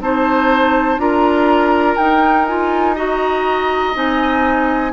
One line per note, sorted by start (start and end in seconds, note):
0.00 0.98 C4
0.00 0.98 D#4
0.00 1.02 C5
0.00 0.99 A5
0.98 1.96 D4
0.98 1.97 F4
0.98 2.95 A#4
0.98 1.96 A#5
1.96 3.94 D#4
1.96 2.48 D#4
1.96 2.45 G5
2.46 2.96 F4
2.46 2.95 G#5
2.95 3.94 F#4
2.95 4.92 D#5
2.95 3.95 A#5
3.94 4.93 C4
3.94 4.92 D#4
3.94 4.93 G#5